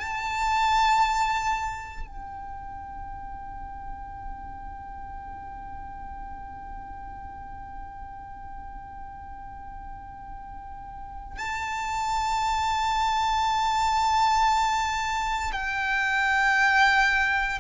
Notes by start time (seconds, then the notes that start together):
0.00 A5
2.07 G5
11.38 A5
15.53 G5